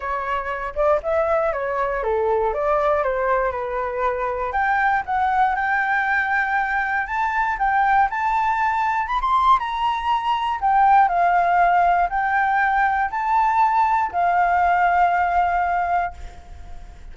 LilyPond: \new Staff \with { instrumentName = "flute" } { \time 4/4 \tempo 4 = 119 cis''4. d''8 e''4 cis''4 | a'4 d''4 c''4 b'4~ | b'4 g''4 fis''4 g''4~ | g''2 a''4 g''4 |
a''2 b''16 c'''8. ais''4~ | ais''4 g''4 f''2 | g''2 a''2 | f''1 | }